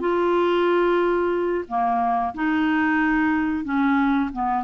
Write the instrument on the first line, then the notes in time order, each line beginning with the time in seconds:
clarinet
0.00 F4
1.68 A#3
2.34 D#4
3.64 C#4
4.33 B3